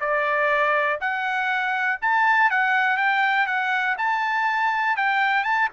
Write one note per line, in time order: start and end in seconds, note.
0.00 0.99 D5
1.01 2.00 F#5
2.01 2.50 A5
2.50 2.97 F#5
2.97 3.46 G5
3.46 3.96 F#5
3.98 4.96 A5
4.96 5.43 G5
5.43 5.68 A5